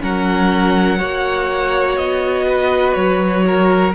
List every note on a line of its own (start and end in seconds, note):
0.00 1.01 F#3
0.00 0.98 C#4
0.00 0.98 A#4
0.00 1.98 F#5
0.98 1.98 A#3
0.98 3.94 F#4
0.98 2.46 C#5
1.98 2.96 B3
1.98 2.94 D#5
2.47 3.45 B4
2.94 3.95 F#3
2.94 3.92 C#5
3.47 3.95 A#4